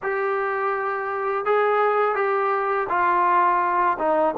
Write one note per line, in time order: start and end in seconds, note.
0.02 1.45 G4
1.45 2.15 G#4
2.15 2.87 G4
2.89 3.97 F4
3.98 4.34 D#4